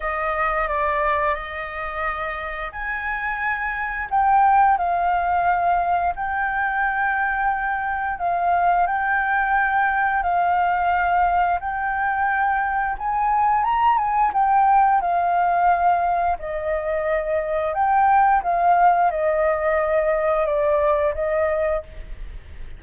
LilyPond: \new Staff \with { instrumentName = "flute" } { \time 4/4 \tempo 4 = 88 dis''4 d''4 dis''2 | gis''2 g''4 f''4~ | f''4 g''2. | f''4 g''2 f''4~ |
f''4 g''2 gis''4 | ais''8 gis''8 g''4 f''2 | dis''2 g''4 f''4 | dis''2 d''4 dis''4 | }